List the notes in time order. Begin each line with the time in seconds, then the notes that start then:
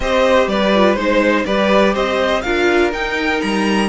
0.00 C4 G4 C5 D#5
0.47 G3 B4 D5
0.75 F4
0.94 G#3 D#4 C5
1.45 G3 G4 B4 D5
1.93 C4 C5 D#5
2.41 D4 F4 A#4 F5
2.92 D#4 G5
3.41 G3 A#5